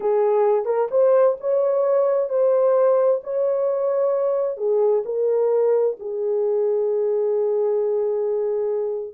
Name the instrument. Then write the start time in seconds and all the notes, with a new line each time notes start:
horn
0.00 G#4
0.65 A#4
0.90 C5
1.40 C#5
2.29 C5
3.23 C#5
4.57 G#4
5.05 A#4
5.99 G#4